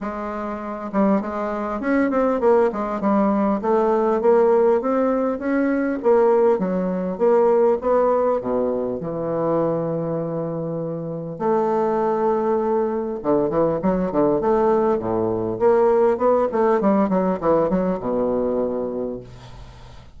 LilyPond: \new Staff \with { instrumentName = "bassoon" } { \time 4/4 \tempo 4 = 100 gis4. g8 gis4 cis'8 c'8 | ais8 gis8 g4 a4 ais4 | c'4 cis'4 ais4 fis4 | ais4 b4 b,4 e4~ |
e2. a4~ | a2 d8 e8 fis8 d8 | a4 a,4 ais4 b8 a8 | g8 fis8 e8 fis8 b,2 | }